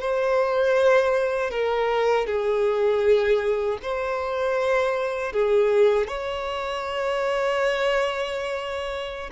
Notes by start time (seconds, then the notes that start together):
0.00 C5
1.50 A#4
2.26 G#4
3.82 C5
5.32 G#4
6.07 C#5